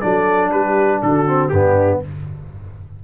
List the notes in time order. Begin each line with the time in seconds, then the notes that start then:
0.00 F#3 D4 A4 D5
0.50 G3 G4 B4
1.02 D3 F#4 A4
1.27 C4
1.49 G2 B3 D4 G4